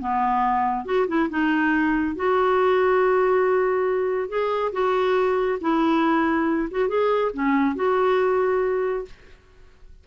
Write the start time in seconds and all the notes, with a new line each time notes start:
0.00 B3
0.85 F#4
1.08 E4
1.29 D#4
2.16 F#4
4.29 G#4
4.72 F#4
5.61 E4
6.71 F#4
6.88 G#4
7.33 C#4
7.76 F#4